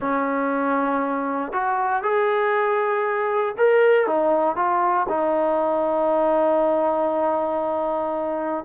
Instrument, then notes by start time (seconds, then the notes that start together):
trombone
0.00 C#4
1.52 F#4
2.02 G#4
3.57 A#4
4.07 D#4
4.55 F4
5.08 D#4